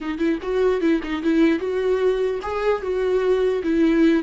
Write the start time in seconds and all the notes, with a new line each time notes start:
0.01 D#4
0.18 E4
0.42 F#4
0.80 E4
1.03 D#4
1.22 E4
1.59 F#4
2.42 G#4
2.82 F#4
3.63 E4